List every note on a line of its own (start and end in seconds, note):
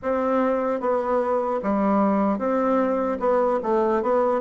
0.02 0.80 C4
0.80 1.60 B3
1.63 2.38 G3
2.38 3.18 C4
3.19 3.59 B3
3.62 4.02 A3
4.02 4.40 B3